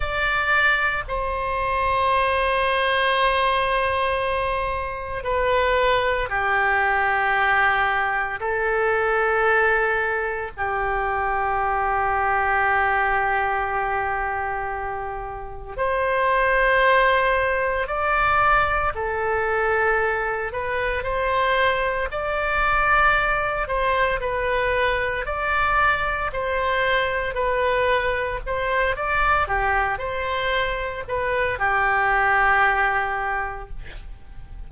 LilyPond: \new Staff \with { instrumentName = "oboe" } { \time 4/4 \tempo 4 = 57 d''4 c''2.~ | c''4 b'4 g'2 | a'2 g'2~ | g'2. c''4~ |
c''4 d''4 a'4. b'8 | c''4 d''4. c''8 b'4 | d''4 c''4 b'4 c''8 d''8 | g'8 c''4 b'8 g'2 | }